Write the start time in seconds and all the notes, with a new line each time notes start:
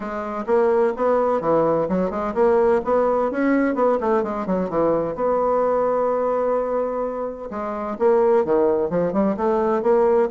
0.00 G#3
0.46 A#3
0.96 B3
1.40 E3
1.89 F#3
2.10 G#3
2.34 A#3
2.84 B3
3.31 C#4
3.75 B3
4.00 A3
4.23 G#3
4.46 F#3
4.69 E3
5.15 B3
7.50 G#3
7.99 A#3
8.44 D#3
8.90 F3
9.12 G3
9.36 A3
9.82 A#3